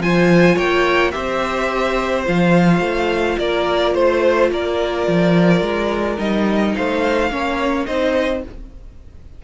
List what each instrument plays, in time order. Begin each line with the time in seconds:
0.00 cello F3, viola F4, violin C5 G#5
0.56 cello A#3, violin C#5 G5
1.12 cello C4, viola G4, violin C5 E5
2.26 cello F3, viola F4, violin F5
2.81 cello A3
3.39 cello A#3, violin A#4 D5
3.95 cello A3, violin C5
4.51 cello A#3, violin A#4 D5
5.08 cello F3
5.62 cello G#3
6.19 cello G3, viola D#4, violin D#5
6.76 cello A3, violin C5 F5
7.31 cello A#3, viola C#4, violin C#5
7.86 cello C4, viola D#4, violin C5 D#5